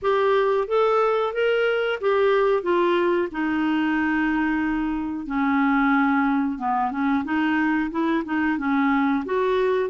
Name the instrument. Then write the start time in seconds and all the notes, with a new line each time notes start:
clarinet
0.02 G4
0.67 A4
1.33 A#4
2.00 G4
2.62 F4
3.31 D#4
5.26 C#4
6.58 B3
6.91 C#4
7.24 D#4
7.90 E4
8.24 D#4
8.58 C#4
9.25 F#4